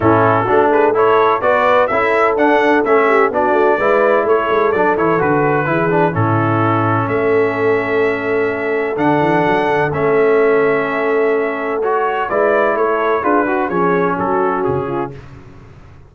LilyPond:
<<
  \new Staff \with { instrumentName = "trumpet" } { \time 4/4 \tempo 4 = 127 a'4. b'8 cis''4 d''4 | e''4 fis''4 e''4 d''4~ | d''4 cis''4 d''8 cis''8 b'4~ | b'4 a'2 e''4~ |
e''2. fis''4~ | fis''4 e''2.~ | e''4 cis''4 d''4 cis''4 | b'4 cis''4 a'4 gis'4 | }
  \new Staff \with { instrumentName = "horn" } { \time 4/4 e'4 fis'8 gis'8 a'4 b'4 | a'2~ a'8 g'8 fis'4 | b'4 a'2. | gis'4 e'2 a'4~ |
a'1~ | a'1~ | a'2 b'4 a'4 | gis'8 fis'8 gis'4 fis'4. f'8 | }
  \new Staff \with { instrumentName = "trombone" } { \time 4/4 cis'4 d'4 e'4 fis'4 | e'4 d'4 cis'4 d'4 | e'2 d'8 e'8 fis'4 | e'8 d'8 cis'2.~ |
cis'2. d'4~ | d'4 cis'2.~ | cis'4 fis'4 e'2 | f'8 fis'8 cis'2. | }
  \new Staff \with { instrumentName = "tuba" } { \time 4/4 a,4 a2 b4 | cis'4 d'4 a4 b8 a8 | gis4 a8 gis8 fis8 e8 d4 | e4 a,2 a4~ |
a2. d8 e8 | fis8 d8 a2.~ | a2 gis4 a4 | d'4 f4 fis4 cis4 | }
>>